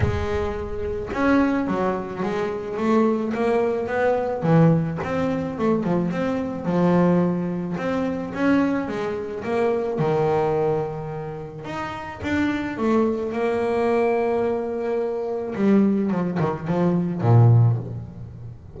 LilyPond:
\new Staff \with { instrumentName = "double bass" } { \time 4/4 \tempo 4 = 108 gis2 cis'4 fis4 | gis4 a4 ais4 b4 | e4 c'4 a8 f8 c'4 | f2 c'4 cis'4 |
gis4 ais4 dis2~ | dis4 dis'4 d'4 a4 | ais1 | g4 f8 dis8 f4 ais,4 | }